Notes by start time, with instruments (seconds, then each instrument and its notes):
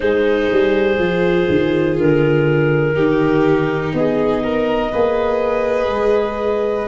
0.00 tuba G#3, viola D#4, violin G#4, clarinet C5
0.52 tuba G3
0.98 tuba F3, viola F4
1.49 tuba D#3
1.97 tuba D3, clarinet A#4
2.93 tuba D#3, viola D#4, violin G4
3.93 tuba B3, violin G#4, clarinet D#5
4.43 violin A#4
4.91 tuba A#3, viola G#4, violin B4
5.89 tuba G#3